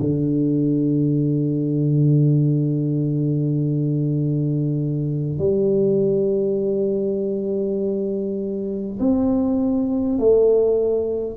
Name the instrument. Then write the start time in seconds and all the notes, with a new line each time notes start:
tuba
0.00 D3
5.39 G3
8.99 C4
10.18 A3